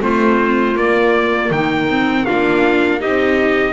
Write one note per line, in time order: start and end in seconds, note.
0.00 0.75 A3
0.00 0.75 C4
0.00 1.51 F4
0.00 0.77 C5
0.75 1.88 A#3
0.75 1.50 A#3
0.75 1.52 D5
1.50 2.25 D#3
1.50 2.25 D#4
1.50 2.25 G5
1.90 2.27 C4
2.25 3.04 A#3
2.25 3.00 D4
2.25 2.99 F4
2.25 3.00 F5
2.99 3.73 C4
2.99 3.73 D#4
2.99 3.73 G4
2.99 3.73 D#5